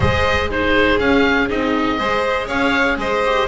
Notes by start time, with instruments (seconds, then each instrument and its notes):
0.00 double bass G#3, viola G#4, violin C5, oboe D#5
0.49 viola D#4, violin G#4, oboe C5
0.98 viola C#4, double bass C#4, oboe F5
1.48 double bass C4, viola D#4, oboe D#5
1.97 double bass G#3, viola G#4, violin C5
2.47 double bass C#4, violin C#5, oboe F5
2.96 double bass G#3, violin C5, oboe D#5
3.25 viola G4